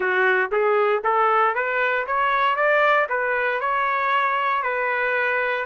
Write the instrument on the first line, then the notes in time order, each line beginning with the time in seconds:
trumpet
0.00 F#4
0.51 G#4
1.03 A4
1.54 B4
2.07 C#5
2.55 D5
3.09 B4
3.60 C#5
4.62 B4